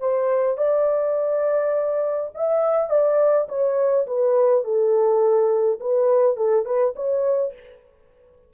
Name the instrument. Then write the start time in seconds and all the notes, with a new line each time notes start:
horn
0.00 C5
0.57 D5
2.35 E5
2.90 D5
3.49 C#5
4.07 B4
4.64 A4
5.80 B4
6.37 A4
6.66 B4
6.96 C#5